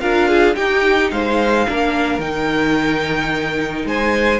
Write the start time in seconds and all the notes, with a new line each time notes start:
0.00 D4 F4 A#4 F5
0.29 G#4
0.55 D#4 G4 G5
1.11 G#3 C5 F5
1.68 A#3 D4 A#4
2.19 D#3 D#4 G5
3.85 G#3 C5 G#5